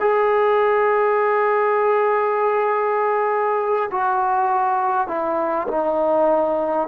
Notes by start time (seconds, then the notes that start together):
0.00 G#4
3.91 F#4
5.07 E4
5.68 D#4